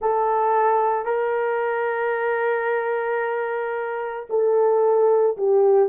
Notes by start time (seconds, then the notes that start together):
0.01 A4
1.05 A#4
4.29 A4
5.37 G4